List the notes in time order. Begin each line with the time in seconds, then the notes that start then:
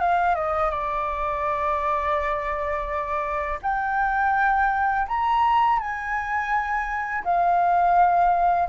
0.00 F5
0.35 D#5
0.70 D5
3.62 G5
5.08 A#5
5.79 G#5
7.24 F5